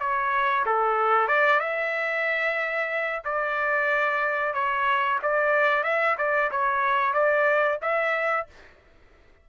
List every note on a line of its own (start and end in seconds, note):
0.00 0.65 C#5
0.66 1.28 A4
1.28 1.60 D5
1.60 3.23 E5
3.25 4.54 D5
4.54 5.19 C#5
5.23 5.84 D5
5.84 6.17 E5
6.18 6.51 D5
6.51 7.14 C#5
7.14 7.79 D5
7.82 8.47 E5